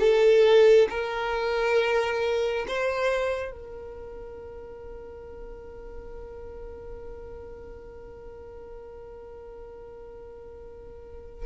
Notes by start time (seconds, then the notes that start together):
0.00 A4
0.90 A#4
2.68 C5
3.52 A#4